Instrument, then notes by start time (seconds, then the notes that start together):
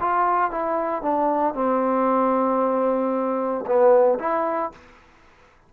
trombone
0.00 F4
0.51 E4
1.02 D4
1.54 C4
3.66 B3
4.19 E4